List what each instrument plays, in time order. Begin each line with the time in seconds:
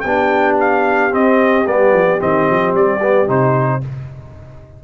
0.00 tuba B3, horn G4, trumpet G5
0.06 trombone D4
0.60 trumpet F5
1.11 trombone C4, tuba C4, trumpet D#5
1.66 tuba G3, trombone B3, trumpet D5
1.92 tuba F3
2.19 tuba D#3, trombone C4, trumpet D#5
2.50 tuba F3
2.74 tuba G3, trumpet D5
3.01 trombone B3
3.26 tuba C3, trombone D#4, trumpet C5